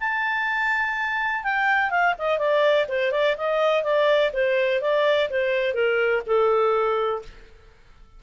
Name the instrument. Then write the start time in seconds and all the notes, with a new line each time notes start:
clarinet
0.00 A5
1.44 G5
1.90 F5
2.18 D#5
2.38 D5
2.89 C5
3.12 D5
3.37 D#5
3.83 D5
4.33 C5
4.81 D5
5.30 C5
5.74 A#4
6.26 A4